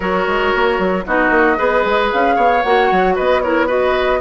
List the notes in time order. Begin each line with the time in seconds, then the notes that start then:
0.00 F#3 F#4 A#4 C#5
0.26 G#3
0.55 A#3
0.78 F#3
1.05 B3 D#4 F#4 D#5
1.30 A#3
1.56 B3 G#4 B4
1.85 G#3
2.12 C#4 F5
2.35 B3 C#5
2.62 A#3 F#4 F#5
2.91 F#3
3.15 B3 B4 D#5
3.41 E4 A#4 C#5
3.67 F#4 B4 D#5